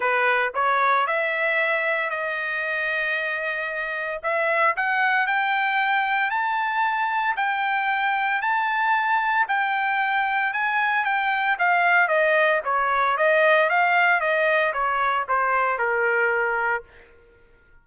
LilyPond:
\new Staff \with { instrumentName = "trumpet" } { \time 4/4 \tempo 4 = 114 b'4 cis''4 e''2 | dis''1 | e''4 fis''4 g''2 | a''2 g''2 |
a''2 g''2 | gis''4 g''4 f''4 dis''4 | cis''4 dis''4 f''4 dis''4 | cis''4 c''4 ais'2 | }